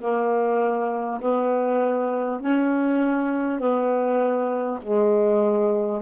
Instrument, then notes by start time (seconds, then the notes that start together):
saxophone
0.00 A#3
1.21 B3
2.40 C#4
3.59 B3
4.82 G#3